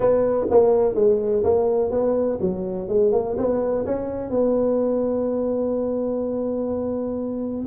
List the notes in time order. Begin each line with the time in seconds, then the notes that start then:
0.00 B3
0.50 A#3
0.94 G#3
1.43 A#3
1.90 B3
2.40 F#3
2.88 G#3
3.12 A#3
3.37 B3
3.85 C#4
4.29 B3